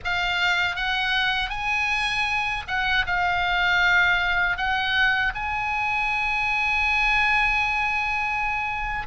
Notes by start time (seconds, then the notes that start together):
0.04 F5
0.76 F#5
1.49 G#5
2.67 F#5
3.06 F5
4.57 F#5
5.34 G#5